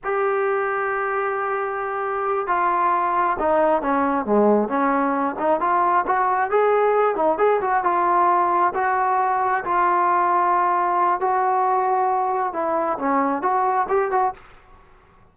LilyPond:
\new Staff \with { instrumentName = "trombone" } { \time 4/4 \tempo 4 = 134 g'1~ | g'4. f'2 dis'8~ | dis'8 cis'4 gis4 cis'4. | dis'8 f'4 fis'4 gis'4. |
dis'8 gis'8 fis'8 f'2 fis'8~ | fis'4. f'2~ f'8~ | f'4 fis'2. | e'4 cis'4 fis'4 g'8 fis'8 | }